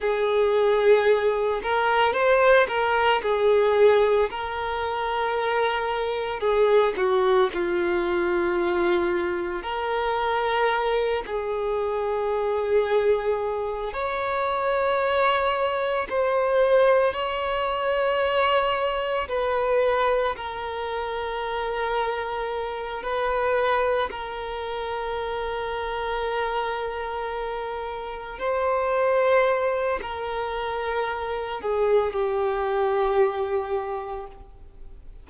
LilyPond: \new Staff \with { instrumentName = "violin" } { \time 4/4 \tempo 4 = 56 gis'4. ais'8 c''8 ais'8 gis'4 | ais'2 gis'8 fis'8 f'4~ | f'4 ais'4. gis'4.~ | gis'4 cis''2 c''4 |
cis''2 b'4 ais'4~ | ais'4. b'4 ais'4.~ | ais'2~ ais'8 c''4. | ais'4. gis'8 g'2 | }